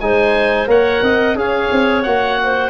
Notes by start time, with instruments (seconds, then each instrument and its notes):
0.00 tuba G#3, trombone D#4, clarinet C5, oboe G#5
0.67 tuba A#3, trombone A#4, clarinet C#5, oboe F#5
1.02 tuba C4, clarinet D#5
1.34 tuba C#4, trombone G#4, clarinet C#5, oboe F5
1.71 tuba C4
2.02 tuba A#3, trombone F#4, oboe F#5
2.43 clarinet C5